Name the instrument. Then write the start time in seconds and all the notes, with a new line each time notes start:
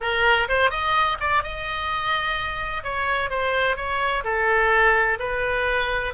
oboe
0.00 A#4
0.48 C5
0.70 D#5
1.20 D5
1.43 D#5
2.83 C#5
3.29 C5
3.76 C#5
4.23 A4
5.19 B4